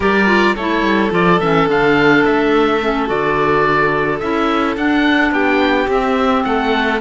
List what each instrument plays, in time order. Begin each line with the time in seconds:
0.00 cello G3, clarinet G4, violin A#4, oboe D5
0.26 clarinet F4
0.55 cello A3, clarinet E4, violin A4, oboe C#5
0.82 cello G3
1.10 cello F3, clarinet F4, oboe D5
1.40 cello E3, clarinet C#4, oboe E5
1.67 cello D3, clarinet D4, oboe F5
2.24 cello A3, oboe E5
2.81 clarinet C#4
3.07 cello D3, clarinet F#4, oboe D5
4.19 cello C#4, clarinet E4, oboe E5
4.77 cello D4, clarinet D4, oboe F#5
5.31 cello B3, violin G4, oboe G5
5.87 clarinet C4, cello C4, oboe E5
6.43 cello A3, violin A4, oboe F#5